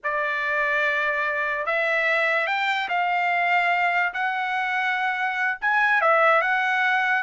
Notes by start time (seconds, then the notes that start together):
0.03 D5
1.66 E5
2.46 G5
2.89 F5
4.13 F#5
5.61 G#5
6.01 E5
6.41 F#5